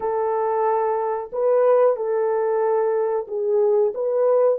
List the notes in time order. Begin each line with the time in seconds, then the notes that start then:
0.00 A4
1.32 B4
1.96 A4
3.27 G#4
3.94 B4